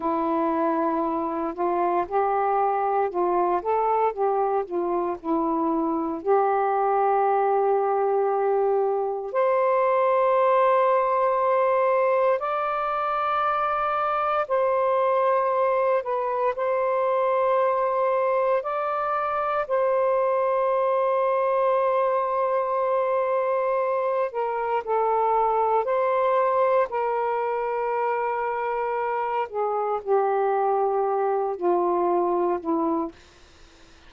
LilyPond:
\new Staff \with { instrumentName = "saxophone" } { \time 4/4 \tempo 4 = 58 e'4. f'8 g'4 f'8 a'8 | g'8 f'8 e'4 g'2~ | g'4 c''2. | d''2 c''4. b'8 |
c''2 d''4 c''4~ | c''2.~ c''8 ais'8 | a'4 c''4 ais'2~ | ais'8 gis'8 g'4. f'4 e'8 | }